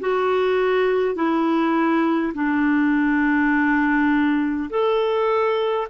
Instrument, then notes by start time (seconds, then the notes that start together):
clarinet
0.00 F#4
1.15 E4
2.34 D4
4.70 A4